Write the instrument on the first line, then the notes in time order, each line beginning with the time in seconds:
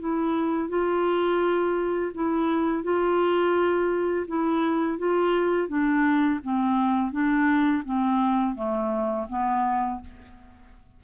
clarinet
0.00 E4
0.69 F4
2.14 E4
2.84 F4
4.28 E4
4.98 F4
5.69 D4
6.44 C4
7.12 D4
7.85 C4
8.56 A3
9.30 B3